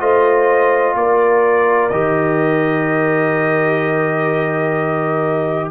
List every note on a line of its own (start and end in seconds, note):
0.00 0.95 A3
0.00 1.91 F4
0.00 0.96 C5
0.00 0.95 D#5
0.95 1.90 A#3
0.95 5.71 A#4
0.95 1.89 D5
1.89 5.71 D#3
1.89 5.71 G4
1.89 5.70 D#5